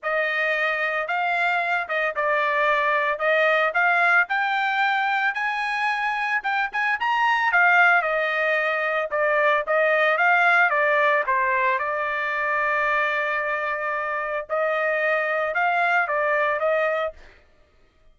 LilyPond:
\new Staff \with { instrumentName = "trumpet" } { \time 4/4 \tempo 4 = 112 dis''2 f''4. dis''8 | d''2 dis''4 f''4 | g''2 gis''2 | g''8 gis''8 ais''4 f''4 dis''4~ |
dis''4 d''4 dis''4 f''4 | d''4 c''4 d''2~ | d''2. dis''4~ | dis''4 f''4 d''4 dis''4 | }